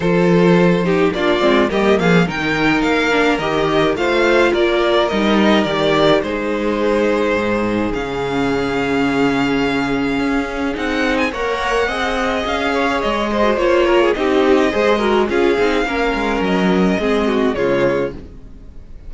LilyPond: <<
  \new Staff \with { instrumentName = "violin" } { \time 4/4 \tempo 4 = 106 c''2 d''4 dis''8 f''8 | g''4 f''4 dis''4 f''4 | d''4 dis''4 d''4 c''4~ | c''2 f''2~ |
f''2. fis''8. gis''16 | fis''2 f''4 dis''4 | cis''4 dis''2 f''4~ | f''4 dis''2 cis''4 | }
  \new Staff \with { instrumentName = "violin" } { \time 4/4 a'4. g'8 f'4 g'8 gis'8 | ais'2. c''4 | ais'2. gis'4~ | gis'1~ |
gis'1 | cis''4 dis''4. cis''4 c''8~ | c''8 ais'16 gis'16 g'4 c''8 ais'8 gis'4 | ais'2 gis'8 fis'8 f'4 | }
  \new Staff \with { instrumentName = "viola" } { \time 4/4 f'4. dis'8 d'8 c'8 ais4 | dis'4. d'8 g'4 f'4~ | f'4 dis'4 g'4 dis'4~ | dis'2 cis'2~ |
cis'2. dis'4 | ais'4 gis'2~ gis'8. fis'16 | f'4 dis'4 gis'8 fis'8 f'8 dis'8 | cis'2 c'4 gis4 | }
  \new Staff \with { instrumentName = "cello" } { \time 4/4 f2 ais8 gis8 g8 f8 | dis4 ais4 dis4 a4 | ais4 g4 dis4 gis4~ | gis4 gis,4 cis2~ |
cis2 cis'4 c'4 | ais4 c'4 cis'4 gis4 | ais4 c'4 gis4 cis'8 c'8 | ais8 gis8 fis4 gis4 cis4 | }
>>